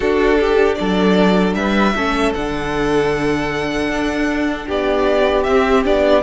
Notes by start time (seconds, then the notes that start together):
0.00 D4 F#4 A4
0.39 G4
0.75 F#3 A4 D5
1.54 G3 B4 E5
1.94 A3 C#4 A4
2.34 D3 D4 F#5
3.88 D4
4.67 B3 G4 D5
5.43 C4 E5
5.84 B3 D4 D5